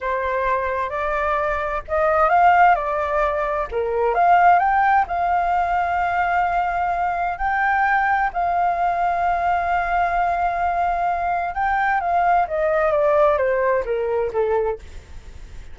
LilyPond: \new Staff \with { instrumentName = "flute" } { \time 4/4 \tempo 4 = 130 c''2 d''2 | dis''4 f''4 d''2 | ais'4 f''4 g''4 f''4~ | f''1 |
g''2 f''2~ | f''1~ | f''4 g''4 f''4 dis''4 | d''4 c''4 ais'4 a'4 | }